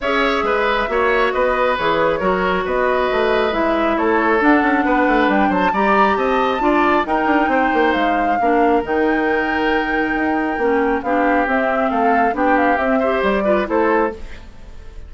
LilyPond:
<<
  \new Staff \with { instrumentName = "flute" } { \time 4/4 \tempo 4 = 136 e''2. dis''4 | cis''2 dis''2 | e''4 cis''4 fis''2 | g''8 a''8 ais''4 a''2 |
g''2 f''2 | g''1~ | g''4 f''4 e''4 f''4 | g''8 f''8 e''4 d''4 c''4 | }
  \new Staff \with { instrumentName = "oboe" } { \time 4/4 cis''4 b'4 cis''4 b'4~ | b'4 ais'4 b'2~ | b'4 a'2 b'4~ | b'8 c''8 d''4 dis''4 d''4 |
ais'4 c''2 ais'4~ | ais'1~ | ais'4 g'2 a'4 | g'4. c''4 b'8 a'4 | }
  \new Staff \with { instrumentName = "clarinet" } { \time 4/4 gis'2 fis'2 | gis'4 fis'2. | e'2 d'2~ | d'4 g'2 f'4 |
dis'2. d'4 | dis'1 | cis'4 d'4 c'2 | d'4 c'8 g'4 f'8 e'4 | }
  \new Staff \with { instrumentName = "bassoon" } { \time 4/4 cis'4 gis4 ais4 b4 | e4 fis4 b4 a4 | gis4 a4 d'8 cis'8 b8 a8 | g8 fis8 g4 c'4 d'4 |
dis'8 d'8 c'8 ais8 gis4 ais4 | dis2. dis'4 | ais4 b4 c'4 a4 | b4 c'4 g4 a4 | }
>>